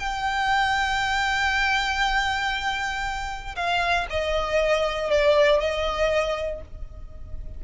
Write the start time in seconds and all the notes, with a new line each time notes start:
0.00 G5
3.56 F5
4.10 D#5
5.11 D5
5.60 D#5